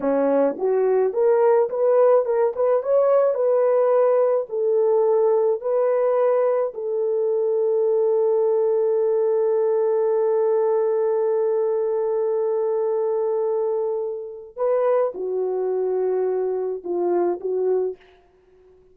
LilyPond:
\new Staff \with { instrumentName = "horn" } { \time 4/4 \tempo 4 = 107 cis'4 fis'4 ais'4 b'4 | ais'8 b'8 cis''4 b'2 | a'2 b'2 | a'1~ |
a'1~ | a'1~ | a'2 b'4 fis'4~ | fis'2 f'4 fis'4 | }